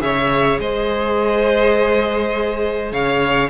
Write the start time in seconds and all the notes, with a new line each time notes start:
0.00 C#3 G#4 C#5 E5
0.60 G#3 C5 D#5
2.92 C#3 C#5 F5